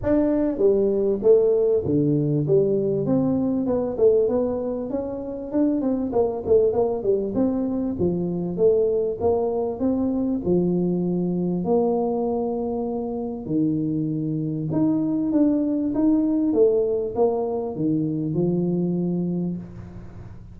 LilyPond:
\new Staff \with { instrumentName = "tuba" } { \time 4/4 \tempo 4 = 98 d'4 g4 a4 d4 | g4 c'4 b8 a8 b4 | cis'4 d'8 c'8 ais8 a8 ais8 g8 | c'4 f4 a4 ais4 |
c'4 f2 ais4~ | ais2 dis2 | dis'4 d'4 dis'4 a4 | ais4 dis4 f2 | }